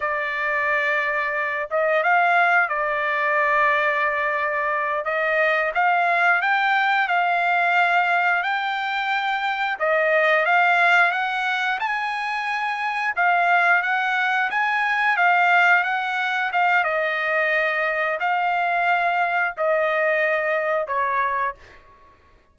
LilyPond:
\new Staff \with { instrumentName = "trumpet" } { \time 4/4 \tempo 4 = 89 d''2~ d''8 dis''8 f''4 | d''2.~ d''8 dis''8~ | dis''8 f''4 g''4 f''4.~ | f''8 g''2 dis''4 f''8~ |
f''8 fis''4 gis''2 f''8~ | f''8 fis''4 gis''4 f''4 fis''8~ | fis''8 f''8 dis''2 f''4~ | f''4 dis''2 cis''4 | }